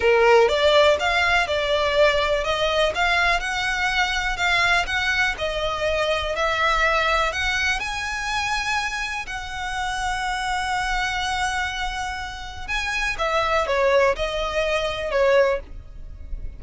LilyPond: \new Staff \with { instrumentName = "violin" } { \time 4/4 \tempo 4 = 123 ais'4 d''4 f''4 d''4~ | d''4 dis''4 f''4 fis''4~ | fis''4 f''4 fis''4 dis''4~ | dis''4 e''2 fis''4 |
gis''2. fis''4~ | fis''1~ | fis''2 gis''4 e''4 | cis''4 dis''2 cis''4 | }